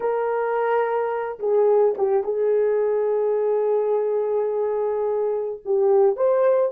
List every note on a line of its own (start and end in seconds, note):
0.00 1.39 A#4
1.39 1.95 G#4
1.97 2.23 G4
2.23 5.59 G#4
5.65 6.16 G4
6.16 6.72 C5